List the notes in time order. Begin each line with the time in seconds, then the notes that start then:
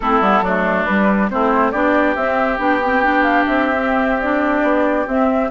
0.00 A3 C4 E4 A4
0.20 G3 B3
0.41 F#3 A3 D4
0.84 G3 B4
1.30 A3 C4 E4 C5
1.71 B3 D4 G4 D5
2.15 C4 E5
2.58 B3 D4 G5
2.84 C4
3.02 D4
3.23 F5
3.45 C4 E5
3.76 C4
4.21 D4 D5
4.62 B3
5.06 C4 E5